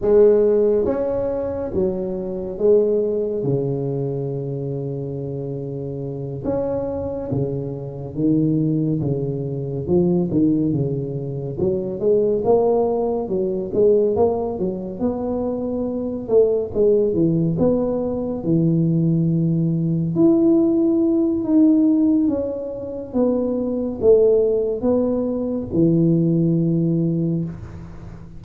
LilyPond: \new Staff \with { instrumentName = "tuba" } { \time 4/4 \tempo 4 = 70 gis4 cis'4 fis4 gis4 | cis2.~ cis8 cis'8~ | cis'8 cis4 dis4 cis4 f8 | dis8 cis4 fis8 gis8 ais4 fis8 |
gis8 ais8 fis8 b4. a8 gis8 | e8 b4 e2 e'8~ | e'4 dis'4 cis'4 b4 | a4 b4 e2 | }